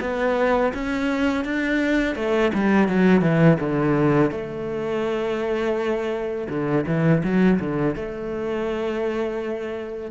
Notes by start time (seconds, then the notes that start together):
0.00 B3
0.73 C#4
1.44 D4
2.15 A3
2.53 G3
2.88 F#3
3.21 E3
3.59 D3
4.31 A3
6.49 D3
6.86 E3
7.23 F#3
7.59 D3
7.95 A3